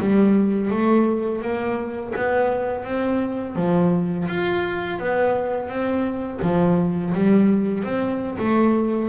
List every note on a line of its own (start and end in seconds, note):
0.00 0.71 G3
0.71 1.42 A3
1.42 2.14 A#3
2.16 2.85 B3
2.85 3.56 C4
3.56 4.28 F3
4.29 4.99 F4
4.99 5.69 B3
5.69 6.40 C4
6.42 7.14 F3
7.15 7.84 G3
7.84 8.38 C4
8.39 9.09 A3